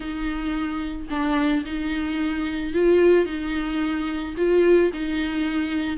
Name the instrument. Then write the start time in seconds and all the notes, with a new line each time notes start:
viola
0.00 D#4
1.09 D4
1.65 D#4
2.73 F4
3.25 D#4
4.37 F4
4.93 D#4